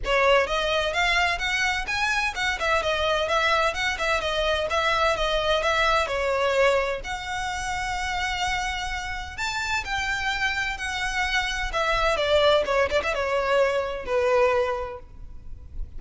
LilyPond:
\new Staff \with { instrumentName = "violin" } { \time 4/4 \tempo 4 = 128 cis''4 dis''4 f''4 fis''4 | gis''4 fis''8 e''8 dis''4 e''4 | fis''8 e''8 dis''4 e''4 dis''4 | e''4 cis''2 fis''4~ |
fis''1 | a''4 g''2 fis''4~ | fis''4 e''4 d''4 cis''8 d''16 e''16 | cis''2 b'2 | }